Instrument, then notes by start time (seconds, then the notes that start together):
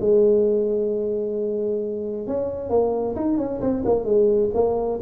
tuba
0.00 G#3
2.27 C#4
2.69 A#3
3.15 D#4
3.37 C#4
3.61 C4
3.85 A#3
4.04 G#3
4.54 A#3